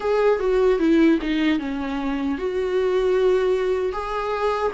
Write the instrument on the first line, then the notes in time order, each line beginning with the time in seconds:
viola
0.00 G#4
0.39 F#4
0.79 E4
1.21 D#4
1.59 C#4
2.38 F#4
3.92 G#4